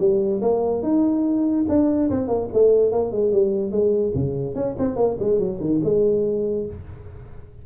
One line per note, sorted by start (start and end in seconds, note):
0.00 0.41 G3
0.42 0.83 A#3
0.83 1.66 D#4
1.69 2.10 D4
2.11 2.28 C4
2.28 2.49 A#3
2.53 2.92 A3
2.92 3.12 A#3
3.12 3.33 G#3
3.33 3.72 G3
3.72 4.13 G#3
4.15 4.55 C#3
4.55 4.76 C#4
4.79 4.97 C4
4.97 5.17 A#3
5.20 5.39 G#3
5.39 5.60 F#3
5.61 5.81 D#3
5.84 6.67 G#3